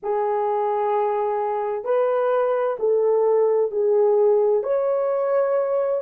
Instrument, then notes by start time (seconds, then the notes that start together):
horn
0.03 G#4
1.84 B4
2.79 A4
3.71 G#4
4.63 C#5